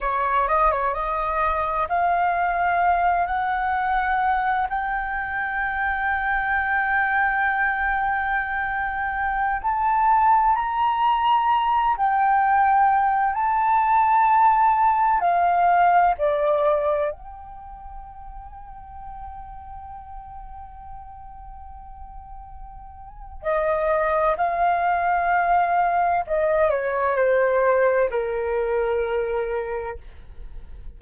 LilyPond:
\new Staff \with { instrumentName = "flute" } { \time 4/4 \tempo 4 = 64 cis''8 dis''16 cis''16 dis''4 f''4. fis''8~ | fis''4 g''2.~ | g''2~ g''16 a''4 ais''8.~ | ais''8. g''4. a''4.~ a''16~ |
a''16 f''4 d''4 g''4.~ g''16~ | g''1~ | g''4 dis''4 f''2 | dis''8 cis''8 c''4 ais'2 | }